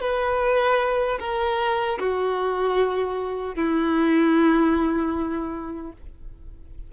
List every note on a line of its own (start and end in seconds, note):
0.00 1.18 B4
1.19 1.98 A#4
1.99 3.55 F#4
3.55 5.92 E4